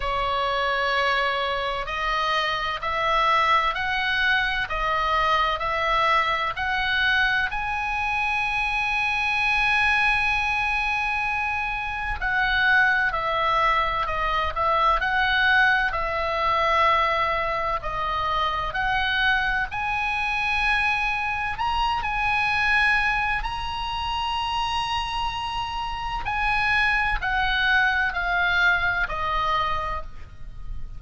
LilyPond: \new Staff \with { instrumentName = "oboe" } { \time 4/4 \tempo 4 = 64 cis''2 dis''4 e''4 | fis''4 dis''4 e''4 fis''4 | gis''1~ | gis''4 fis''4 e''4 dis''8 e''8 |
fis''4 e''2 dis''4 | fis''4 gis''2 ais''8 gis''8~ | gis''4 ais''2. | gis''4 fis''4 f''4 dis''4 | }